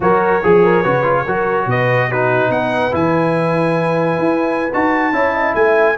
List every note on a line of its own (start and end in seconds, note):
0.00 0.41 F#3
0.00 0.42 F#4
0.00 0.43 A#4
0.00 1.70 C#5
0.43 0.85 F3
0.43 0.83 G#4
0.43 0.63 G#4
0.63 0.82 A#4
0.82 1.27 C#3
0.82 1.03 F#4
0.82 1.24 B4
1.03 1.24 F4
1.24 1.66 F#3
1.24 2.11 F#4
1.24 1.66 A#4
1.66 2.49 B2
1.66 2.08 B4
1.66 2.11 D#5
2.08 2.91 D#4
2.08 2.50 F#4
2.08 2.51 B4
2.49 2.91 B3
2.49 5.14 B4
2.49 2.93 F#5
2.91 4.18 E3
2.91 4.69 E4
2.91 4.73 G#5
4.18 4.70 E4
4.73 5.12 D#4
4.73 5.13 F#4
4.73 5.54 A5
5.12 5.54 C#4
5.12 5.97 E4
5.12 5.33 C#5
5.33 5.54 D#5
5.54 5.96 A3
5.54 5.98 E5
5.54 5.96 G#5